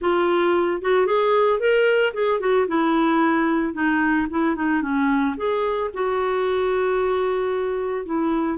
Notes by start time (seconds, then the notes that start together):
0.01 F4
0.81 F#4
1.06 G#4
1.59 A#4
2.13 G#4
2.40 F#4
2.67 E4
3.73 D#4
4.30 E4
4.55 D#4
4.81 C#4
5.36 G#4
5.93 F#4
8.05 E4